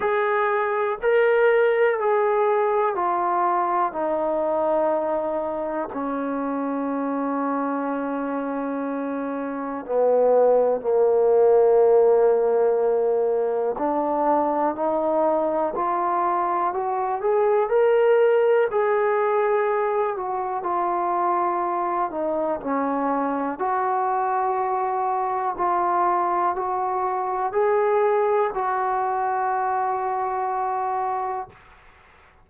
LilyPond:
\new Staff \with { instrumentName = "trombone" } { \time 4/4 \tempo 4 = 61 gis'4 ais'4 gis'4 f'4 | dis'2 cis'2~ | cis'2 b4 ais4~ | ais2 d'4 dis'4 |
f'4 fis'8 gis'8 ais'4 gis'4~ | gis'8 fis'8 f'4. dis'8 cis'4 | fis'2 f'4 fis'4 | gis'4 fis'2. | }